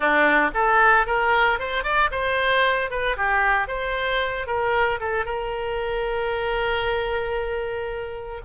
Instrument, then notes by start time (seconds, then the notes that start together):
oboe
0.00 D4
0.54 A4
1.06 A#4
1.59 C5
1.83 D5
2.11 C5
2.90 B4
3.16 G4
3.67 C5
4.46 A#4
5.00 A4
5.25 A#4